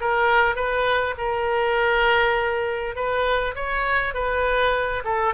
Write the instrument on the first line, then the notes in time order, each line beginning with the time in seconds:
oboe
0.00 A#4
0.55 B4
1.17 A#4
2.95 B4
3.55 C#5
4.13 B4
5.04 A4